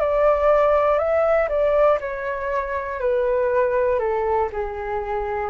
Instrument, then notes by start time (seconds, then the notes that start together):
flute
0.00 D5
0.98 E5
1.49 D5
2.00 C#5
3.00 B4
4.00 A4
4.52 G#4